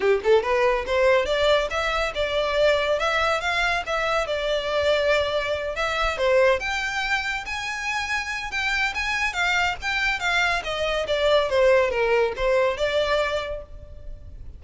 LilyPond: \new Staff \with { instrumentName = "violin" } { \time 4/4 \tempo 4 = 141 g'8 a'8 b'4 c''4 d''4 | e''4 d''2 e''4 | f''4 e''4 d''2~ | d''4. e''4 c''4 g''8~ |
g''4. gis''2~ gis''8 | g''4 gis''4 f''4 g''4 | f''4 dis''4 d''4 c''4 | ais'4 c''4 d''2 | }